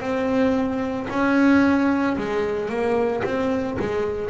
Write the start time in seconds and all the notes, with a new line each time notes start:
0.00 C4
1.10 C#4
2.18 G#3
2.69 A#3
3.24 C4
3.80 G#3